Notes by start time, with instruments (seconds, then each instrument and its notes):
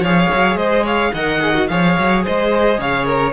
0.00 cello F3, viola G#4, violin C#5 F5
0.34 cello F#3
0.56 cello G#3, violin C5 D#5
0.84 violin C#5 F5
1.14 cello D#3, viola A#4, violin D#5 F#5
1.41 viola G#4
1.55 viola F#4
1.68 cello F3, viola G#4, violin C#5 F5
1.99 cello F#3
2.25 cello G#3, violin C5 D#5
2.78 cello C#3, violin C#5 F5
3.06 violin A#4